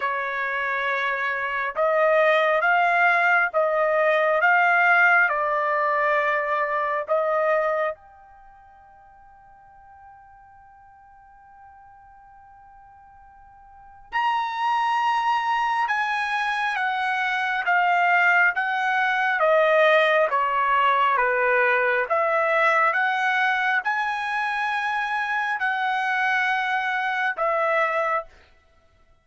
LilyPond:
\new Staff \with { instrumentName = "trumpet" } { \time 4/4 \tempo 4 = 68 cis''2 dis''4 f''4 | dis''4 f''4 d''2 | dis''4 g''2.~ | g''1 |
ais''2 gis''4 fis''4 | f''4 fis''4 dis''4 cis''4 | b'4 e''4 fis''4 gis''4~ | gis''4 fis''2 e''4 | }